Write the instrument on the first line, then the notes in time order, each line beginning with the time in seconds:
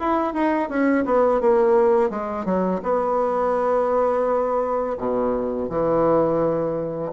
bassoon
0.00 E4
0.34 D#4
0.69 C#4
1.05 B3
1.41 A#3
2.10 G#3
2.45 F#3
2.83 B3
4.98 B2
5.69 E3